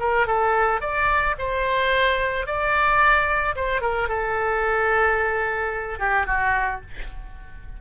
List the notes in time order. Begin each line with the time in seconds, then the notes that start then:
0.00 A#4
0.27 A4
0.81 D5
1.39 C5
2.47 D5
3.56 C5
3.82 A#4
4.09 A4
6.00 G4
6.27 F#4